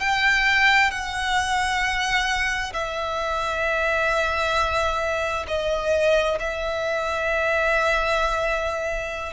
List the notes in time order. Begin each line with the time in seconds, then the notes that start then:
0.00 G5
0.91 F#5
2.73 E5
5.48 D#5
6.40 E5